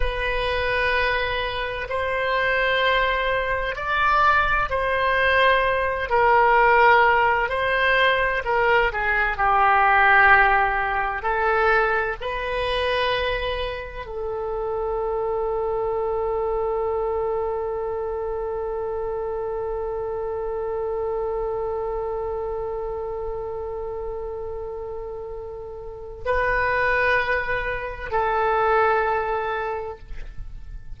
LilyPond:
\new Staff \with { instrumentName = "oboe" } { \time 4/4 \tempo 4 = 64 b'2 c''2 | d''4 c''4. ais'4. | c''4 ais'8 gis'8 g'2 | a'4 b'2 a'4~ |
a'1~ | a'1~ | a'1 | b'2 a'2 | }